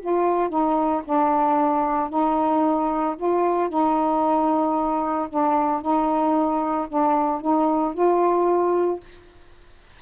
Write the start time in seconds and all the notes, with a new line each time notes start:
0.00 F4
0.49 D#4
1.04 D4
2.09 D#4
3.16 F4
3.69 D#4
5.29 D4
5.81 D#4
6.88 D4
7.41 D#4
7.94 F4